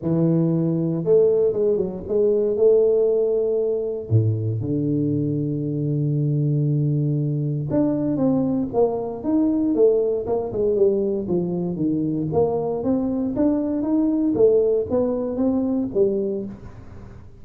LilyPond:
\new Staff \with { instrumentName = "tuba" } { \time 4/4 \tempo 4 = 117 e2 a4 gis8 fis8 | gis4 a2. | a,4 d2.~ | d2. d'4 |
c'4 ais4 dis'4 a4 | ais8 gis8 g4 f4 dis4 | ais4 c'4 d'4 dis'4 | a4 b4 c'4 g4 | }